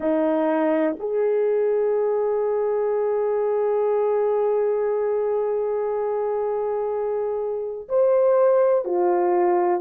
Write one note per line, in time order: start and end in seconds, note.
0.00 0.96 D#4
0.99 7.87 G#4
7.88 8.84 C5
8.84 9.80 F4